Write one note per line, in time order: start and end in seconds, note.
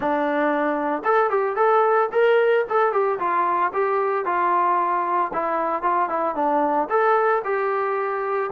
0.00 1.03 D4
1.04 1.30 A4
1.30 1.56 G4
1.56 2.09 A4
2.12 2.65 A#4
2.69 2.92 A4
2.92 3.19 G4
3.19 3.72 F4
3.73 4.25 G4
4.25 5.31 F4
5.33 5.82 E4
5.82 6.09 F4
6.09 6.35 E4
6.35 6.88 D4
6.89 7.42 A4
7.44 8.50 G4